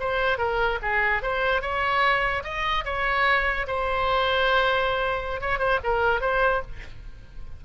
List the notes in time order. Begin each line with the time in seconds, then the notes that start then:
0.00 C5
0.38 A#4
0.82 G#4
1.22 C5
1.62 C#5
2.44 D#5
2.85 C#5
3.67 C5
5.41 C#5
5.59 C5
5.83 A#4
6.21 C5